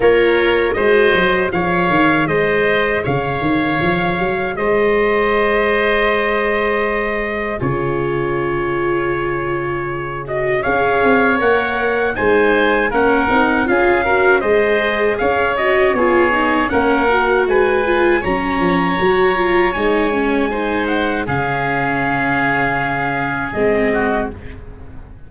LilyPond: <<
  \new Staff \with { instrumentName = "trumpet" } { \time 4/4 \tempo 4 = 79 cis''4 dis''4 f''4 dis''4 | f''2 dis''2~ | dis''2 cis''2~ | cis''4. dis''8 f''4 fis''4 |
gis''4 fis''4 f''4 dis''4 | f''8 dis''8 cis''4 fis''4 gis''4 | ais''2 gis''4. fis''8 | f''2. dis''4 | }
  \new Staff \with { instrumentName = "oboe" } { \time 4/4 ais'4 c''4 cis''4 c''4 | cis''2 c''2~ | c''2 gis'2~ | gis'2 cis''2 |
c''4 ais'4 gis'8 ais'8 c''4 | cis''4 gis'4 ais'4 b'4 | cis''2. c''4 | gis'2.~ gis'8 fis'8 | }
  \new Staff \with { instrumentName = "viola" } { \time 4/4 f'4 fis'4 gis'2~ | gis'1~ | gis'2 f'2~ | f'4. fis'8 gis'4 ais'4 |
dis'4 cis'8 dis'8 f'8 fis'8 gis'4~ | gis'8 fis'8 f'8 dis'8 cis'8 fis'4 f'8 | cis'4 fis'8 f'8 dis'8 cis'8 dis'4 | cis'2. c'4 | }
  \new Staff \with { instrumentName = "tuba" } { \time 4/4 ais4 gis8 fis8 f8 dis8 gis4 | cis8 dis8 f8 fis8 gis2~ | gis2 cis2~ | cis2 cis'8 c'8 ais4 |
gis4 ais8 c'8 cis'4 gis4 | cis'4 b4 ais4 gis4 | fis8 f8 fis4 gis2 | cis2. gis4 | }
>>